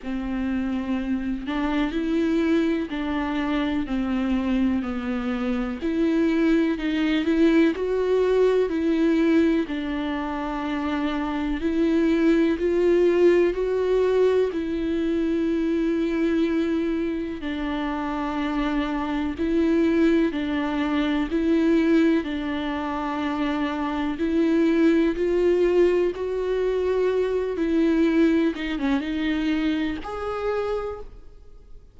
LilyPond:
\new Staff \with { instrumentName = "viola" } { \time 4/4 \tempo 4 = 62 c'4. d'8 e'4 d'4 | c'4 b4 e'4 dis'8 e'8 | fis'4 e'4 d'2 | e'4 f'4 fis'4 e'4~ |
e'2 d'2 | e'4 d'4 e'4 d'4~ | d'4 e'4 f'4 fis'4~ | fis'8 e'4 dis'16 cis'16 dis'4 gis'4 | }